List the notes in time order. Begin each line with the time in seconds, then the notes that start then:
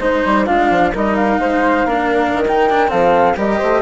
0.00 G#3 D#4 C5
0.26 G3
0.46 G#3 D4 F4 F5
0.71 F3
0.94 G3 D#4 A#4 D#5
1.16 F5
1.39 G#3 C5
1.85 A#3 D4 A#4
2.34 D#3
2.48 D#4 G5
2.70 D4
2.88 F3 C4 A4 F5
3.37 G3 G4 A#4 D#5
3.59 A3 C5